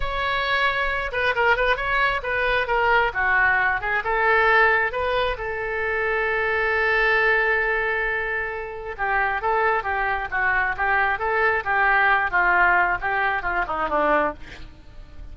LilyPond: \new Staff \with { instrumentName = "oboe" } { \time 4/4 \tempo 4 = 134 cis''2~ cis''8 b'8 ais'8 b'8 | cis''4 b'4 ais'4 fis'4~ | fis'8 gis'8 a'2 b'4 | a'1~ |
a'1 | g'4 a'4 g'4 fis'4 | g'4 a'4 g'4. f'8~ | f'4 g'4 f'8 dis'8 d'4 | }